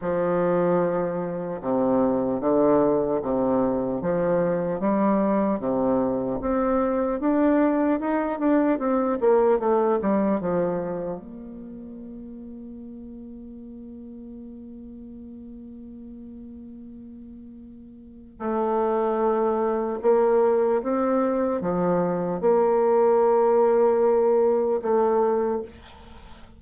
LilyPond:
\new Staff \with { instrumentName = "bassoon" } { \time 4/4 \tempo 4 = 75 f2 c4 d4 | c4 f4 g4 c4 | c'4 d'4 dis'8 d'8 c'8 ais8 | a8 g8 f4 ais2~ |
ais1~ | ais2. a4~ | a4 ais4 c'4 f4 | ais2. a4 | }